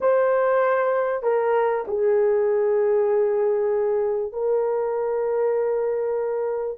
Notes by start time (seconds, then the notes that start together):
0.00 C5
1.23 A#4
1.87 G#4
4.32 A#4